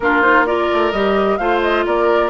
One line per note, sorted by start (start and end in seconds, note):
0.00 0.68 A#3
0.00 0.21 D4
0.00 0.46 F4
0.00 0.22 A#4
0.21 0.44 D#4
0.21 0.45 C5
0.46 0.92 F4
0.46 1.39 A#4
0.46 0.92 D5
0.72 0.92 A3
0.92 1.38 G3
0.92 1.39 G4
0.92 1.37 D#5
1.37 1.85 A3
1.37 2.29 F4
1.37 1.85 C5
1.37 1.60 F5
1.62 1.85 D#5
1.85 2.29 A#3
1.85 2.29 A#4
1.85 2.29 D5